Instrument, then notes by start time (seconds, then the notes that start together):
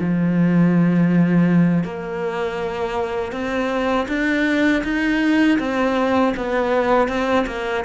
cello
0.00 F3
1.84 A#3
3.32 C4
4.08 D4
4.84 D#4
5.59 C4
6.37 B3
7.08 C4
7.47 A#3